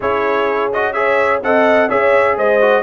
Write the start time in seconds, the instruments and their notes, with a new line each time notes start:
0.00 tuba C#4, trombone E4, horn G#4, trumpet C#5
0.72 trombone F#4, trumpet D#5
0.93 trombone G#4, horn C#5, trumpet E5
1.42 tuba C4, trombone A4, horn D#5, trumpet F#5
1.88 tuba C#4, trombone G#4, horn C#5, trumpet E5
2.36 tuba G#3, horn C5, trumpet D#5
2.61 trombone F#4